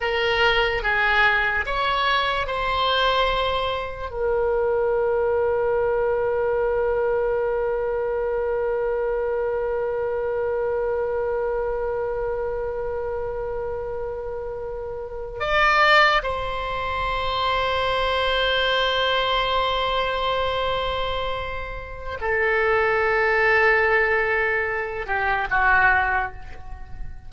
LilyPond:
\new Staff \with { instrumentName = "oboe" } { \time 4/4 \tempo 4 = 73 ais'4 gis'4 cis''4 c''4~ | c''4 ais'2.~ | ais'1~ | ais'1~ |
ais'2~ ais'8. d''4 c''16~ | c''1~ | c''2. a'4~ | a'2~ a'8 g'8 fis'4 | }